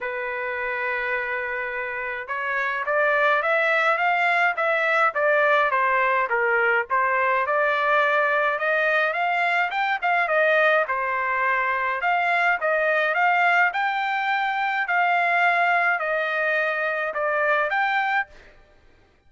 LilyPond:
\new Staff \with { instrumentName = "trumpet" } { \time 4/4 \tempo 4 = 105 b'1 | cis''4 d''4 e''4 f''4 | e''4 d''4 c''4 ais'4 | c''4 d''2 dis''4 |
f''4 g''8 f''8 dis''4 c''4~ | c''4 f''4 dis''4 f''4 | g''2 f''2 | dis''2 d''4 g''4 | }